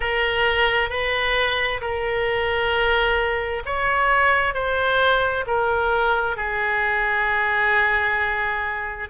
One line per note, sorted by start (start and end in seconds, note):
0.00 0.89 A#4
0.89 1.80 B4
1.81 3.62 A#4
3.65 4.53 C#5
4.53 5.44 C5
5.46 6.36 A#4
6.36 9.09 G#4